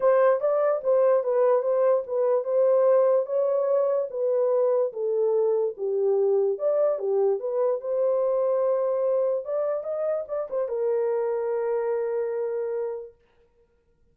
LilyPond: \new Staff \with { instrumentName = "horn" } { \time 4/4 \tempo 4 = 146 c''4 d''4 c''4 b'4 | c''4 b'4 c''2 | cis''2 b'2 | a'2 g'2 |
d''4 g'4 b'4 c''4~ | c''2. d''4 | dis''4 d''8 c''8 ais'2~ | ais'1 | }